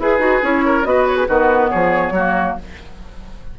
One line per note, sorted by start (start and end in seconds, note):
0.00 0.19 E4
0.00 0.20 G#4
0.00 0.66 G#4
0.00 0.44 B4
0.19 0.40 D#4
0.19 0.41 F#4
0.43 0.85 C#4
0.43 0.84 E4
0.43 0.85 C#5
0.66 0.87 A#4
0.84 1.28 B3
0.84 1.27 F#4
0.84 1.28 B4
0.84 1.07 D#5
1.07 1.17 C#5
1.17 1.28 G#4
1.28 1.72 D#3
1.28 2.15 B3
1.28 1.70 F#4
1.28 1.70 B4
1.70 2.11 F3
1.70 2.13 G#4
1.70 2.56 C#5
2.11 2.54 F#3
2.11 2.59 A#3
2.11 2.57 F#4